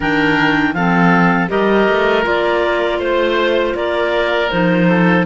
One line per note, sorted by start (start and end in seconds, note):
0.00 0.73 D#3
0.00 0.74 D4
0.00 0.74 A#4
0.00 0.73 G5
0.73 1.48 F3
0.73 1.48 C4
0.73 1.50 A4
0.73 1.48 F5
1.48 1.88 G3
1.48 2.23 G4
1.48 2.98 A#4
1.48 2.24 D#5
1.88 2.25 A3
2.23 2.98 A#3
2.23 4.48 F4
2.23 3.01 D5
2.98 3.73 A3
2.98 3.73 C5
2.98 3.75 C5
3.74 4.49 A#3
3.74 4.88 A#4
3.74 4.50 D5
4.50 5.25 F3
4.50 5.25 D#4
4.50 5.25 C5
4.88 5.25 A4